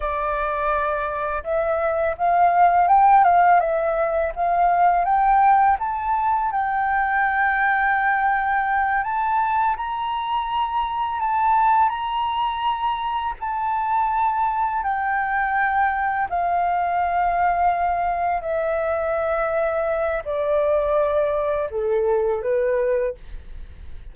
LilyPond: \new Staff \with { instrumentName = "flute" } { \time 4/4 \tempo 4 = 83 d''2 e''4 f''4 | g''8 f''8 e''4 f''4 g''4 | a''4 g''2.~ | g''8 a''4 ais''2 a''8~ |
a''8 ais''2 a''4.~ | a''8 g''2 f''4.~ | f''4. e''2~ e''8 | d''2 a'4 b'4 | }